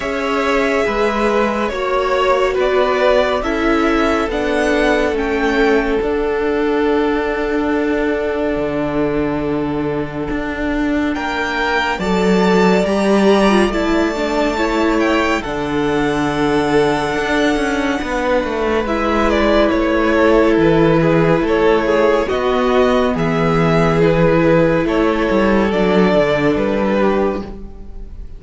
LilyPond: <<
  \new Staff \with { instrumentName = "violin" } { \time 4/4 \tempo 4 = 70 e''2 cis''4 d''4 | e''4 fis''4 g''4 fis''4~ | fis''1~ | fis''4 g''4 a''4 ais''4 |
a''4. g''8 fis''2~ | fis''2 e''8 d''8 cis''4 | b'4 cis''4 dis''4 e''4 | b'4 cis''4 d''4 b'4 | }
  \new Staff \with { instrumentName = "violin" } { \time 4/4 cis''4 b'4 cis''4 b'4 | a'1~ | a'1~ | a'4 ais'4 d''2~ |
d''4 cis''4 a'2~ | a'4 b'2~ b'8 a'8~ | a'8 gis'8 a'8 gis'8 fis'4 gis'4~ | gis'4 a'2~ a'8 g'8 | }
  \new Staff \with { instrumentName = "viola" } { \time 4/4 gis'2 fis'2 | e'4 d'4 cis'4 d'4~ | d'1~ | d'2 a'4 g'8. f'16 |
e'8 d'8 e'4 d'2~ | d'2 e'2~ | e'2 b2 | e'2 d'2 | }
  \new Staff \with { instrumentName = "cello" } { \time 4/4 cis'4 gis4 ais4 b4 | cis'4 b4 a4 d'4~ | d'2 d2 | d'4 ais4 fis4 g4 |
a2 d2 | d'8 cis'8 b8 a8 gis4 a4 | e4 a4 b4 e4~ | e4 a8 g8 fis8 d8 g4 | }
>>